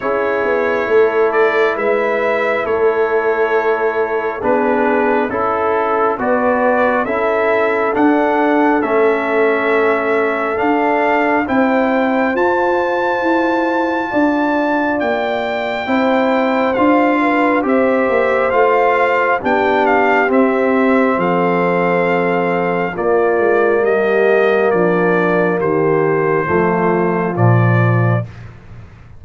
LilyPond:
<<
  \new Staff \with { instrumentName = "trumpet" } { \time 4/4 \tempo 4 = 68 cis''4. d''8 e''4 cis''4~ | cis''4 b'4 a'4 d''4 | e''4 fis''4 e''2 | f''4 g''4 a''2~ |
a''4 g''2 f''4 | e''4 f''4 g''8 f''8 e''4 | f''2 d''4 dis''4 | d''4 c''2 d''4 | }
  \new Staff \with { instrumentName = "horn" } { \time 4/4 gis'4 a'4 b'4 a'4~ | a'4 gis'4 a'4 b'4 | a'1~ | a'4 c''2. |
d''2 c''4. b'8 | c''2 g'2 | a'2 f'4 g'4 | d'4 g'4 f'2 | }
  \new Staff \with { instrumentName = "trombone" } { \time 4/4 e'1~ | e'4 d'4 e'4 fis'4 | e'4 d'4 cis'2 | d'4 e'4 f'2~ |
f'2 e'4 f'4 | g'4 f'4 d'4 c'4~ | c'2 ais2~ | ais2 a4 f4 | }
  \new Staff \with { instrumentName = "tuba" } { \time 4/4 cis'8 b8 a4 gis4 a4~ | a4 b4 cis'4 b4 | cis'4 d'4 a2 | d'4 c'4 f'4 e'4 |
d'4 ais4 c'4 d'4 | c'8 ais8 a4 b4 c'4 | f2 ais8 gis8 g4 | f4 dis4 f4 ais,4 | }
>>